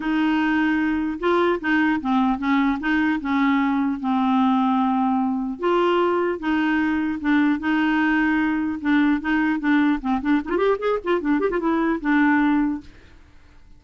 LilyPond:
\new Staff \with { instrumentName = "clarinet" } { \time 4/4 \tempo 4 = 150 dis'2. f'4 | dis'4 c'4 cis'4 dis'4 | cis'2 c'2~ | c'2 f'2 |
dis'2 d'4 dis'4~ | dis'2 d'4 dis'4 | d'4 c'8 d'8 dis'16 f'16 g'8 gis'8 f'8 | d'8 g'16 f'16 e'4 d'2 | }